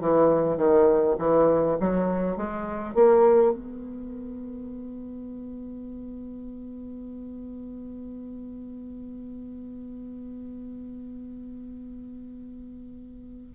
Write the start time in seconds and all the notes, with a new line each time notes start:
0.00 E3
0.57 D#3
1.18 E3
1.80 F#3
2.37 G#3
2.94 A#3
3.52 B3